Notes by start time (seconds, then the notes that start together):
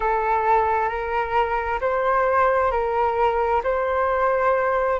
0.00 A4
0.88 A#4
1.80 C5
2.71 A#4
3.63 C5